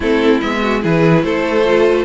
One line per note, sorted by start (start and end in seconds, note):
0.00 0.41 A3
0.00 0.41 C4
0.00 0.57 E4
0.00 0.40 A4
0.40 0.84 G#3
0.40 0.81 B3
0.40 0.82 E5
0.62 0.82 F#4
0.81 1.23 E3
0.81 1.64 E4
0.81 1.23 G#4
0.81 1.24 B4
1.23 2.04 A3
1.23 2.04 A4
1.23 2.04 C5
1.64 2.04 F4